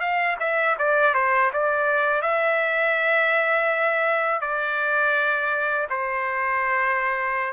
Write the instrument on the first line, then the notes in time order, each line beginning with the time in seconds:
trumpet
0.00 F5
0.40 E5
0.79 D5
1.14 C5
1.53 D5
2.22 E5
4.41 D5
5.90 C5